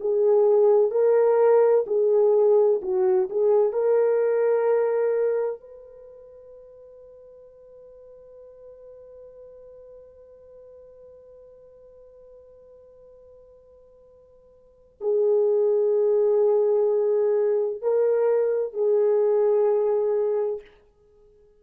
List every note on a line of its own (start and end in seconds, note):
0.00 0.91 G#4
0.91 1.85 A#4
1.87 2.80 G#4
2.82 3.29 F#4
3.29 3.72 G#4
3.72 5.60 A#4
5.60 14.97 B4
15.00 17.82 G#4
17.82 18.73 A#4
18.73 20.61 G#4